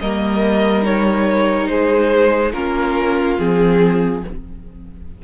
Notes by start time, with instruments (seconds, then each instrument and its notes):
0.00 cello G3, viola A#3, violin A#4 D#5
0.82 viola D#4, violin C#5
1.67 cello G#3, violin G#4 C5
2.53 cello A#3, viola C#4, violin F4 A#4
3.38 cello F3, viola C4, violin G#4